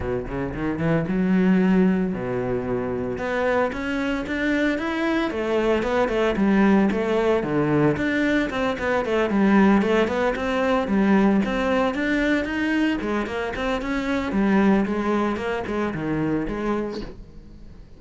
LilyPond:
\new Staff \with { instrumentName = "cello" } { \time 4/4 \tempo 4 = 113 b,8 cis8 dis8 e8 fis2 | b,2 b4 cis'4 | d'4 e'4 a4 b8 a8 | g4 a4 d4 d'4 |
c'8 b8 a8 g4 a8 b8 c'8~ | c'8 g4 c'4 d'4 dis'8~ | dis'8 gis8 ais8 c'8 cis'4 g4 | gis4 ais8 gis8 dis4 gis4 | }